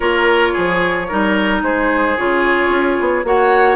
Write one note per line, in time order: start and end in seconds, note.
0.00 0.55 A#3
0.00 1.06 F4
0.00 0.53 A#4
0.00 1.58 C#5
0.53 1.11 F3
0.53 1.07 G#4
1.08 1.62 G3
1.08 2.17 D#4
1.08 1.62 A#4
1.62 2.16 G#3
1.62 3.26 G#4
1.62 2.17 C5
2.17 2.68 C#3
2.17 3.24 F4
2.17 3.25 C#5
2.68 2.95 C#4
3.00 3.24 B3
3.24 3.75 A#3
3.24 3.75 F#4
3.24 3.75 C#5
3.24 3.75 F#5